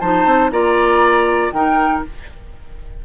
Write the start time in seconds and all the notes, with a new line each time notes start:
0.00 F3 D#4 C5 A5
0.26 C4
0.51 A#3 F4 D5 A#5
1.52 D#3 D#4 A#4 G5